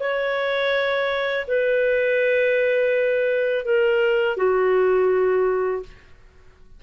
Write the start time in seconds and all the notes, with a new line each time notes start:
0.00 C#5
1.48 B4
3.65 A#4
4.37 F#4